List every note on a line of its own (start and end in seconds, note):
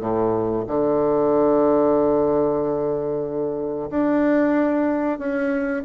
0.00 0.65 A2
0.67 3.90 D3
3.90 5.18 D4
5.18 5.83 C#4